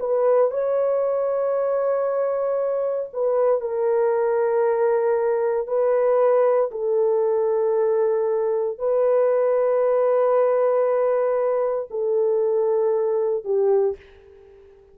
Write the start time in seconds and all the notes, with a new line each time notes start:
0.00 B4
0.51 C#5
3.14 B4
3.61 A#4
5.67 B4
6.71 A4
8.78 B4
11.91 A4
13.45 G4